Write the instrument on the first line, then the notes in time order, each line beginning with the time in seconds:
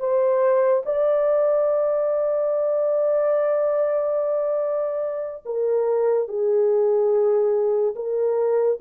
horn
0.00 C5
0.86 D5
5.46 A#4
6.28 G#4
7.96 A#4